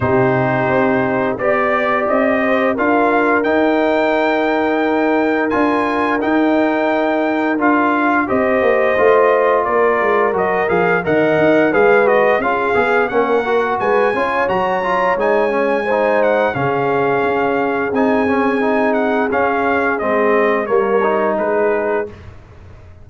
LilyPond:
<<
  \new Staff \with { instrumentName = "trumpet" } { \time 4/4 \tempo 4 = 87 c''2 d''4 dis''4 | f''4 g''2. | gis''4 g''2 f''4 | dis''2 d''4 dis''8 f''8 |
fis''4 f''8 dis''8 f''4 fis''4 | gis''4 ais''4 gis''4. fis''8 | f''2 gis''4. fis''8 | f''4 dis''4 cis''4 b'4 | }
  \new Staff \with { instrumentName = "horn" } { \time 4/4 g'2 d''4. c''8 | ais'1~ | ais'1 | c''2 ais'2 |
dis''4 b'4 gis'4 ais'4 | b'8 cis''2~ cis''8 c''4 | gis'1~ | gis'2 ais'4 gis'4 | }
  \new Staff \with { instrumentName = "trombone" } { \time 4/4 dis'2 g'2 | f'4 dis'2. | f'4 dis'2 f'4 | g'4 f'2 fis'8 gis'8 |
ais'4 gis'8 fis'8 f'8 gis'8 cis'8 fis'8~ | fis'8 f'8 fis'8 f'8 dis'8 cis'8 dis'4 | cis'2 dis'8 cis'8 dis'4 | cis'4 c'4 ais8 dis'4. | }
  \new Staff \with { instrumentName = "tuba" } { \time 4/4 c4 c'4 b4 c'4 | d'4 dis'2. | d'4 dis'2 d'4 | c'8 ais8 a4 ais8 gis8 fis8 f8 |
dis8 dis'8 gis4 cis'8 b8 ais4 | gis8 cis'8 fis4 gis2 | cis4 cis'4 c'2 | cis'4 gis4 g4 gis4 | }
>>